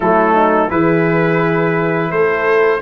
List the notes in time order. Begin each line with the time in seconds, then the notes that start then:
0.00 F#3 A3 E4 A4
0.33 D#4
0.69 E3 E4 G#4 B4
2.11 A3 A4 C5